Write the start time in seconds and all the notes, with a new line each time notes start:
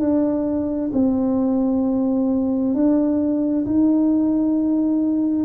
0.00 D4
0.93 C4
2.74 D4
3.66 D#4